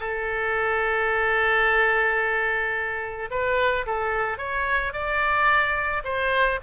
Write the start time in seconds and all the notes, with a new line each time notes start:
0.00 A4
3.31 B4
3.87 A4
4.38 C#5
4.93 D5
6.05 C5